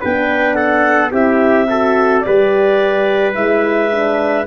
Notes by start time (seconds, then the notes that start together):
0.00 B3 D4 B4 G5
0.54 A4 F#5
1.11 C4 E4 G4 E5
1.69 F#4 A4
2.20 G4 B4 D5
2.27 G3
3.34 G#3 E4 E5
3.91 D4